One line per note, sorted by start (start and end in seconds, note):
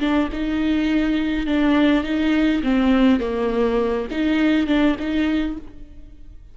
0.00 0.29 D4
0.33 1.46 D#4
1.46 2.04 D4
2.04 2.62 D#4
2.63 3.20 C4
3.20 4.08 A#3
4.11 4.67 D#4
4.67 4.96 D4
4.99 5.58 D#4